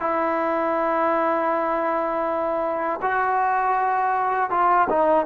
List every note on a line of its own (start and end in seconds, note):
0.00 3.00 E4
3.01 4.50 F#4
4.50 4.88 F4
4.89 5.25 D#4